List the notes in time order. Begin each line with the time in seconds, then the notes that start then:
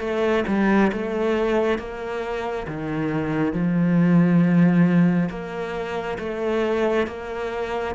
0.00 A3
0.48 G3
0.92 A3
1.78 A#3
2.68 D#3
3.53 F3
5.30 A#3
6.19 A3
7.07 A#3